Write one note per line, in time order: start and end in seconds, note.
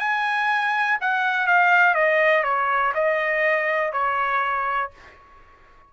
0.00 0.98 G#5
1.01 1.47 F#5
1.47 1.94 F5
1.94 2.44 D#5
2.44 2.93 C#5
2.95 3.93 D#5
3.93 4.91 C#5